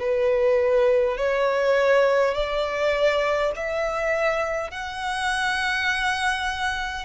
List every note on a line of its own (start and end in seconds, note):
0.00 1.18 B4
1.18 2.35 C#5
2.35 3.52 D5
3.56 4.71 E5
4.71 7.05 F#5